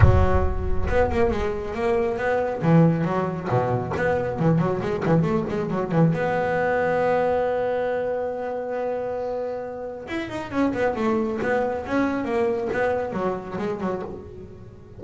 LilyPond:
\new Staff \with { instrumentName = "double bass" } { \time 4/4 \tempo 4 = 137 fis2 b8 ais8 gis4 | ais4 b4 e4 fis4 | b,4 b4 e8 fis8 gis8 e8 | a8 gis8 fis8 e8 b2~ |
b1~ | b2. e'8 dis'8 | cis'8 b8 a4 b4 cis'4 | ais4 b4 fis4 gis8 fis8 | }